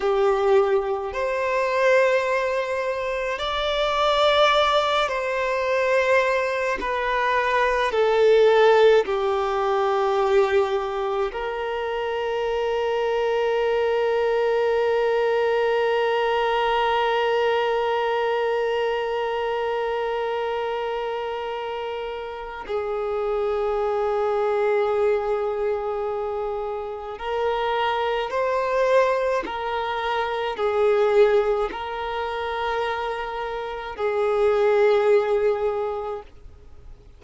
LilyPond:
\new Staff \with { instrumentName = "violin" } { \time 4/4 \tempo 4 = 53 g'4 c''2 d''4~ | d''8 c''4. b'4 a'4 | g'2 ais'2~ | ais'1~ |
ais'1 | gis'1 | ais'4 c''4 ais'4 gis'4 | ais'2 gis'2 | }